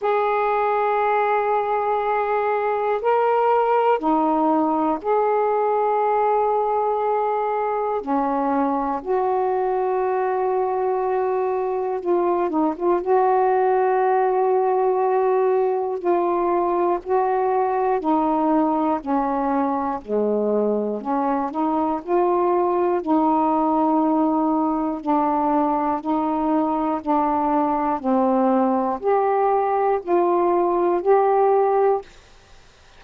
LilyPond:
\new Staff \with { instrumentName = "saxophone" } { \time 4/4 \tempo 4 = 60 gis'2. ais'4 | dis'4 gis'2. | cis'4 fis'2. | f'8 dis'16 f'16 fis'2. |
f'4 fis'4 dis'4 cis'4 | gis4 cis'8 dis'8 f'4 dis'4~ | dis'4 d'4 dis'4 d'4 | c'4 g'4 f'4 g'4 | }